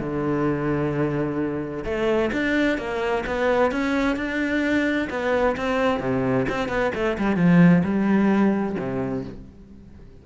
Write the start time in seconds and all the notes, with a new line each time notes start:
0.00 D3
1.85 A3
2.33 D4
2.78 A#3
3.26 B3
3.72 C#4
4.16 D4
5.10 B3
5.57 C4
6.00 C3
6.49 C4
6.69 B3
6.95 A3
7.19 G3
7.37 F3
7.84 G3
8.79 C3